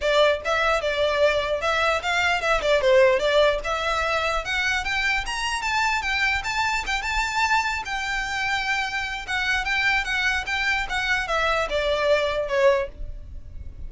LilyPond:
\new Staff \with { instrumentName = "violin" } { \time 4/4 \tempo 4 = 149 d''4 e''4 d''2 | e''4 f''4 e''8 d''8 c''4 | d''4 e''2 fis''4 | g''4 ais''4 a''4 g''4 |
a''4 g''8 a''2 g''8~ | g''2. fis''4 | g''4 fis''4 g''4 fis''4 | e''4 d''2 cis''4 | }